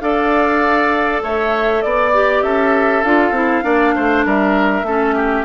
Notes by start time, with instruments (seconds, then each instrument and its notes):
0.00 bassoon D4, clarinet A4, oboe D5, flute F5
1.22 bassoon A3, oboe C#5, flute E5
1.82 bassoon B3, flute D5, oboe D5
2.13 clarinet G4
2.42 bassoon C#4, oboe A4, flute E5
3.03 bassoon D4, clarinet F4, flute F5
3.31 bassoon C4, clarinet E4
3.63 bassoon A#3, clarinet D4, oboe D5
3.95 bassoon A3, oboe C5
4.25 bassoon G3, oboe A#4, flute E5
4.82 bassoon A3, clarinet C#4, oboe A4
5.15 oboe G4